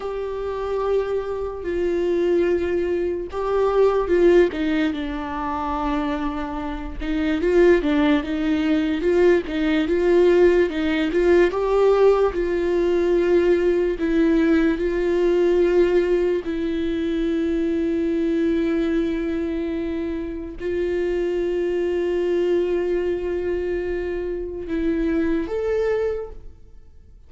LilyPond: \new Staff \with { instrumentName = "viola" } { \time 4/4 \tempo 4 = 73 g'2 f'2 | g'4 f'8 dis'8 d'2~ | d'8 dis'8 f'8 d'8 dis'4 f'8 dis'8 | f'4 dis'8 f'8 g'4 f'4~ |
f'4 e'4 f'2 | e'1~ | e'4 f'2.~ | f'2 e'4 a'4 | }